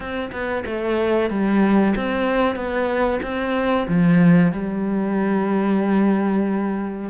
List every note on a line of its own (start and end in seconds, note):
0.00 0.30 C4
0.31 0.64 B3
0.66 1.30 A3
1.30 1.94 G3
1.96 2.55 C4
2.55 3.20 B3
3.22 3.87 C4
3.88 4.52 F3
4.52 7.09 G3